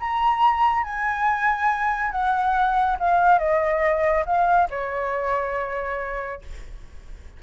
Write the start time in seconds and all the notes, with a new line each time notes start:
0.00 A#5
0.84 G#5
2.12 F#5
3.00 F5
3.39 D#5
4.26 F5
4.71 C#5